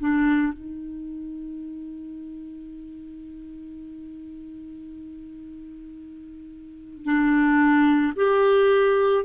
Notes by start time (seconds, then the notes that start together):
0.00 D4
0.54 D#4
7.05 D4
8.17 G4